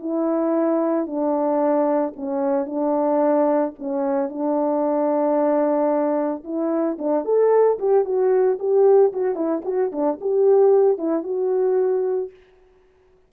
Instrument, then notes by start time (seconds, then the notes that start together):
horn
0.00 E4
1.07 D4
2.16 C#4
2.66 D4
3.79 C#4
4.30 D4
6.44 E4
6.99 D4
7.25 A4
7.79 G4
8.05 F#4
8.60 G4
9.13 F#4
9.36 E4
9.65 F#4
9.93 D4
10.22 G4
10.99 E4
11.24 F#4